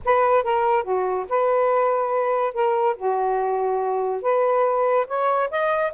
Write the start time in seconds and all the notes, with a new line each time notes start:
0.04 B4
0.43 A#4
0.83 F#4
1.29 B4
2.53 A#4
2.96 F#4
4.22 B4
5.07 C#5
5.50 D#5